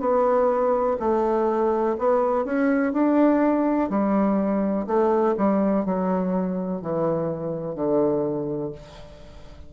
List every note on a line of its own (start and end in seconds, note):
0.00 0.97 B3
0.99 1.96 A3
1.98 2.45 B3
2.45 2.93 C#4
2.93 3.89 D4
3.89 4.86 G3
4.87 5.35 A3
5.37 5.85 G3
5.85 6.82 F#3
6.82 7.76 E3
7.76 8.72 D3